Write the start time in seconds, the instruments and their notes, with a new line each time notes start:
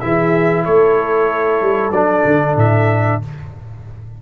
0.00 tuba E3, trombone E4, horn G#4, trumpet E5
0.65 tuba A3, horn A4, trumpet C#5
1.61 tuba G3
1.90 tuba F#3, trombone D4, trumpet D5
2.25 tuba D3
2.56 tuba A2, trumpet E5